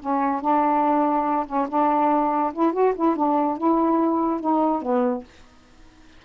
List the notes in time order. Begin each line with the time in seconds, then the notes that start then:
0.00 C#4
0.41 D4
1.46 C#4
1.69 D4
2.53 E4
2.73 F#4
2.95 E4
3.16 D4
3.58 E4
4.40 D#4
4.82 B3